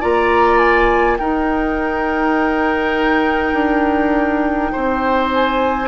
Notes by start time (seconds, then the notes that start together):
0.00 A#3 F4 D5 A#5
0.58 G#5
1.18 D#4 A#4 G5
3.53 D4
4.72 C4 C5
5.34 G#5